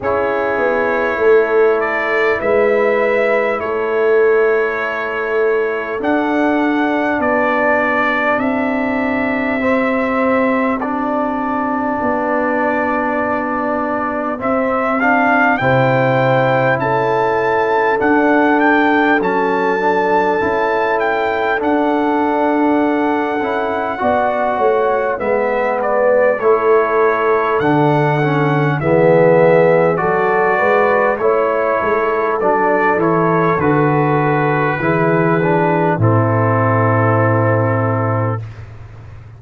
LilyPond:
<<
  \new Staff \with { instrumentName = "trumpet" } { \time 4/4 \tempo 4 = 50 cis''4. d''8 e''4 cis''4~ | cis''4 fis''4 d''4 e''4~ | e''4 d''2. | e''8 f''8 g''4 a''4 fis''8 g''8 |
a''4. g''8 fis''2~ | fis''4 e''8 d''8 cis''4 fis''4 | e''4 d''4 cis''4 d''8 cis''8 | b'2 a'2 | }
  \new Staff \with { instrumentName = "horn" } { \time 4/4 gis'4 a'4 b'4 a'4~ | a'2 g'2~ | g'1~ | g'4 c''4 a'2~ |
a'1 | d''8 cis''8 b'4 a'2 | gis'4 a'8 b'8 cis''8 a'4.~ | a'4 gis'4 e'2 | }
  \new Staff \with { instrumentName = "trombone" } { \time 4/4 e'1~ | e'4 d'2. | c'4 d'2. | c'8 d'8 e'2 d'4 |
cis'8 d'8 e'4 d'4. e'8 | fis'4 b4 e'4 d'8 cis'8 | b4 fis'4 e'4 d'8 e'8 | fis'4 e'8 d'8 c'2 | }
  \new Staff \with { instrumentName = "tuba" } { \time 4/4 cis'8 b8 a4 gis4 a4~ | a4 d'4 b4 c'4~ | c'2 b2 | c'4 c4 cis'4 d'4 |
fis4 cis'4 d'4. cis'8 | b8 a8 gis4 a4 d4 | e4 fis8 gis8 a8 gis8 fis8 e8 | d4 e4 a,2 | }
>>